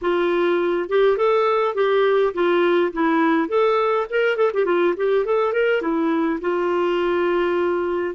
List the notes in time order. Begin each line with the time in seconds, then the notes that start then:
0.01 F4
0.89 G4
1.17 A4
1.74 G4
2.34 F4
2.93 E4
3.48 A4
4.10 A#4
4.36 A4
4.53 G4
4.65 F4
4.96 G4
5.25 A4
5.53 A#4
5.81 E4
6.40 F4